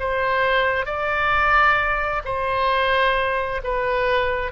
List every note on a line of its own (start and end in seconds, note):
0.00 0.86 C5
0.86 2.22 D5
2.25 3.62 C5
3.64 4.52 B4